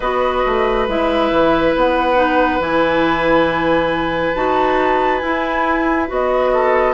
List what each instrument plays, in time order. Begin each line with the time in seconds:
0.00 bassoon B3, clarinet F#4, oboe B4, flute D#5
0.46 bassoon A3
0.87 bassoon G#3, clarinet E4, flute E5
1.31 bassoon E3
1.76 bassoon B3, flute F#5
2.16 clarinet D#4
2.59 bassoon E3, clarinet E4, flute G#5
4.34 bassoon D#4, clarinet F#4, flute A5
5.18 clarinet E4, bassoon E4, flute G#5
6.07 bassoon B3, clarinet F#4, flute D#5
6.53 oboe A4